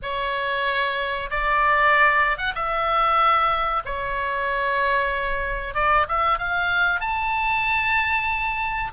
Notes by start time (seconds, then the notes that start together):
0.02 C#5
1.30 D5
2.37 F#5
2.55 E5
3.85 C#5
5.74 D5
6.08 E5
6.38 F5
7.00 A5